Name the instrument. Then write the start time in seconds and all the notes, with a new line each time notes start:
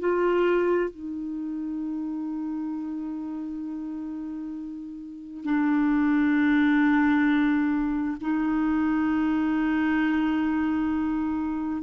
clarinet
0.00 F4
0.91 D#4
5.45 D4
8.21 D#4